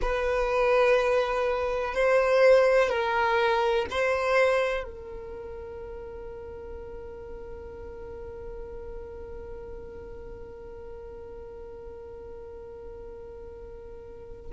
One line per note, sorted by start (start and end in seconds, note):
0.01 1.94 B4
1.94 2.89 C5
2.89 3.86 A#4
3.90 4.83 C5
4.83 14.51 A#4